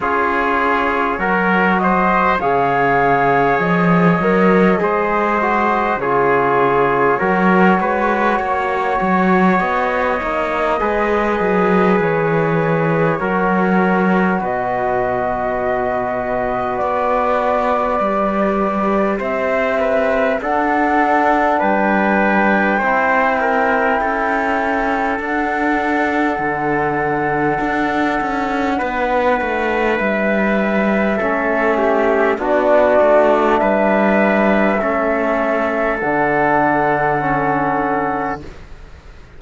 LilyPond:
<<
  \new Staff \with { instrumentName = "flute" } { \time 4/4 \tempo 4 = 50 cis''4. dis''8 f''4 dis''4~ | dis''4 cis''2. | dis''2 cis''2 | dis''2 d''2 |
e''4 fis''4 g''2~ | g''4 fis''2.~ | fis''4 e''2 d''4 | e''2 fis''2 | }
  \new Staff \with { instrumentName = "trumpet" } { \time 4/4 gis'4 ais'8 c''8 cis''2 | c''4 gis'4 ais'8 b'8 cis''4~ | cis''4 b'2 ais'4 | b'1 |
c''8 b'8 a'4 b'4 c''8 ais'8 | a'1 | b'2 a'8 g'8 fis'4 | b'4 a'2. | }
  \new Staff \with { instrumentName = "trombone" } { \time 4/4 f'4 fis'4 gis'4. ais'8 | gis'8 fis'8 f'4 fis'2~ | fis'8 dis'8 gis'2 fis'4~ | fis'2. g'4~ |
g'4 d'2 e'4~ | e'4 d'2.~ | d'2 cis'4 d'4~ | d'4 cis'4 d'4 cis'4 | }
  \new Staff \with { instrumentName = "cello" } { \time 4/4 cis'4 fis4 cis4 f8 fis8 | gis4 cis4 fis8 gis8 ais8 fis8 | b8 ais8 gis8 fis8 e4 fis4 | b,2 b4 g4 |
c'4 d'4 g4 c'4 | cis'4 d'4 d4 d'8 cis'8 | b8 a8 g4 a4 b8 a8 | g4 a4 d2 | }
>>